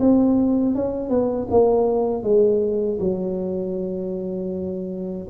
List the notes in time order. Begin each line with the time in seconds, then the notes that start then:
0.00 C4
0.76 C#4
1.10 B3
1.51 A#3
2.23 G#3
3.00 F#3